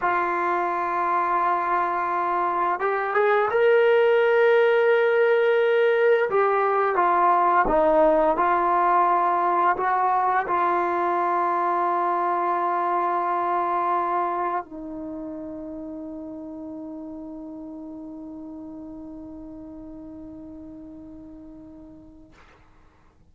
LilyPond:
\new Staff \with { instrumentName = "trombone" } { \time 4/4 \tempo 4 = 86 f'1 | g'8 gis'8 ais'2.~ | ais'4 g'4 f'4 dis'4 | f'2 fis'4 f'4~ |
f'1~ | f'4 dis'2.~ | dis'1~ | dis'1 | }